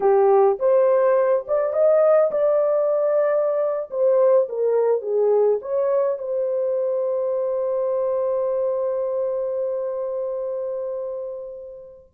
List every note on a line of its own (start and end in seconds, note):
0.00 0.58 G4
0.59 1.45 C5
1.47 1.73 D5
1.73 2.31 D#5
2.31 3.89 D5
3.90 4.48 C5
4.48 5.01 A#4
5.01 5.59 G#4
5.61 6.18 C#5
6.18 12.09 C5